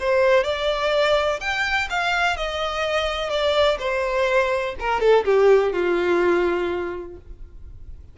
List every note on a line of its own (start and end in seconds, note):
0.00 0.44 C5
0.44 1.40 D5
1.40 1.88 G5
1.90 2.37 F5
2.37 3.30 D#5
3.30 3.78 D5
3.79 4.75 C5
4.80 5.00 A#4
5.00 5.24 A4
5.24 5.72 G4
5.73 7.17 F4